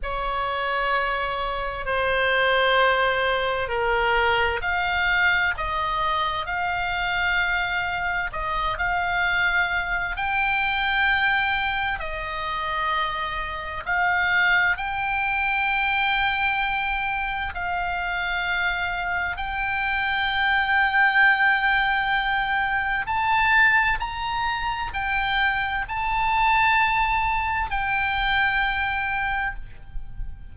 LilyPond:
\new Staff \with { instrumentName = "oboe" } { \time 4/4 \tempo 4 = 65 cis''2 c''2 | ais'4 f''4 dis''4 f''4~ | f''4 dis''8 f''4. g''4~ | g''4 dis''2 f''4 |
g''2. f''4~ | f''4 g''2.~ | g''4 a''4 ais''4 g''4 | a''2 g''2 | }